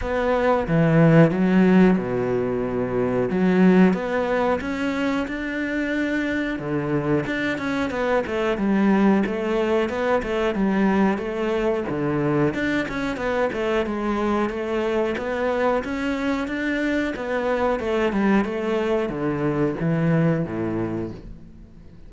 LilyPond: \new Staff \with { instrumentName = "cello" } { \time 4/4 \tempo 4 = 91 b4 e4 fis4 b,4~ | b,4 fis4 b4 cis'4 | d'2 d4 d'8 cis'8 | b8 a8 g4 a4 b8 a8 |
g4 a4 d4 d'8 cis'8 | b8 a8 gis4 a4 b4 | cis'4 d'4 b4 a8 g8 | a4 d4 e4 a,4 | }